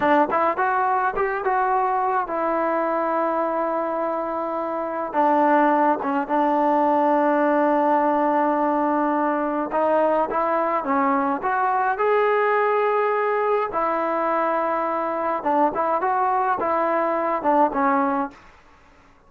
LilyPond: \new Staff \with { instrumentName = "trombone" } { \time 4/4 \tempo 4 = 105 d'8 e'8 fis'4 g'8 fis'4. | e'1~ | e'4 d'4. cis'8 d'4~ | d'1~ |
d'4 dis'4 e'4 cis'4 | fis'4 gis'2. | e'2. d'8 e'8 | fis'4 e'4. d'8 cis'4 | }